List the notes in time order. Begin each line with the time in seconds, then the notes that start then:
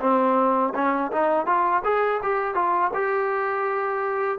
0.00 C4
0.74 C#4
1.11 D#4
1.46 F4
1.84 G#4
2.22 G4
2.54 F4
2.93 G4